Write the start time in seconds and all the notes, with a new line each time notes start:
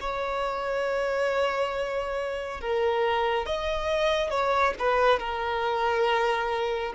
0.00 C#5
2.60 A#4
3.45 D#5
4.30 C#5
4.78 B4
5.19 A#4